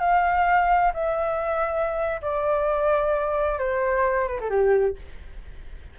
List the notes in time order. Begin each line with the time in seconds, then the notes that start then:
0.00 F5
0.94 E5
2.22 D5
3.59 C5
4.28 B4
4.41 A4
4.50 G4